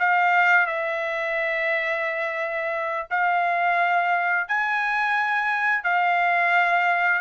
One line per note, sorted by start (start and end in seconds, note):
0.00 0.67 F5
0.67 3.08 E5
3.11 4.49 F5
4.49 5.84 G#5
5.84 7.22 F5